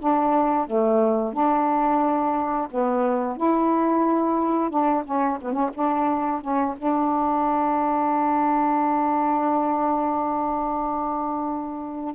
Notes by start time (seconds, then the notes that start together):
0.00 D4
0.67 A3
1.34 D4
2.71 B3
3.37 E4
4.70 D4
5.05 C#4
5.41 B3
5.53 C#4
5.74 D4
6.42 C#4
6.78 D4